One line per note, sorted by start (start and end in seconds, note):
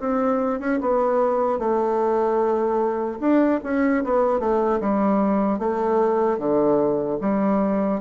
0.00 0.60 C4
0.60 0.80 C#4
0.81 1.59 B3
1.59 3.19 A3
3.20 3.60 D4
3.64 4.04 C#4
4.04 4.40 B3
4.40 4.80 A3
4.81 5.59 G3
5.59 6.39 A3
6.39 7.19 D3
7.21 8.01 G3